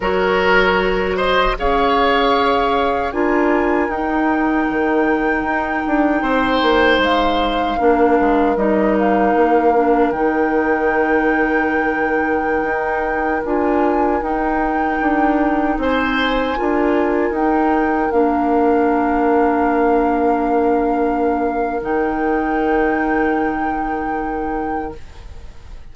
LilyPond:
<<
  \new Staff \with { instrumentName = "flute" } { \time 4/4 \tempo 4 = 77 cis''4. dis''8 f''2 | gis''4 g''2.~ | g''4 f''2 dis''8 f''8~ | f''4 g''2.~ |
g''4~ g''16 gis''4 g''4.~ g''16~ | g''16 gis''2 g''4 f''8.~ | f''1 | g''1 | }
  \new Staff \with { instrumentName = "oboe" } { \time 4/4 ais'4. c''8 cis''2 | ais'1 | c''2 ais'2~ | ais'1~ |
ais'1~ | ais'16 c''4 ais'2~ ais'8.~ | ais'1~ | ais'1 | }
  \new Staff \with { instrumentName = "clarinet" } { \time 4/4 fis'2 gis'2 | f'4 dis'2.~ | dis'2 d'4 dis'4~ | dis'8 d'8 dis'2.~ |
dis'4~ dis'16 f'4 dis'4.~ dis'16~ | dis'4~ dis'16 f'4 dis'4 d'8.~ | d'1 | dis'1 | }
  \new Staff \with { instrumentName = "bassoon" } { \time 4/4 fis2 cis'2 | d'4 dis'4 dis4 dis'8 d'8 | c'8 ais8 gis4 ais8 gis8 g4 | ais4 dis2.~ |
dis16 dis'4 d'4 dis'4 d'8.~ | d'16 c'4 d'4 dis'4 ais8.~ | ais1 | dis1 | }
>>